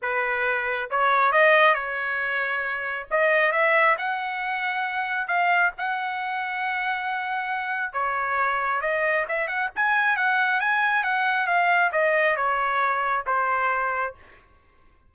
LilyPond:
\new Staff \with { instrumentName = "trumpet" } { \time 4/4 \tempo 4 = 136 b'2 cis''4 dis''4 | cis''2. dis''4 | e''4 fis''2. | f''4 fis''2.~ |
fis''2 cis''2 | dis''4 e''8 fis''8 gis''4 fis''4 | gis''4 fis''4 f''4 dis''4 | cis''2 c''2 | }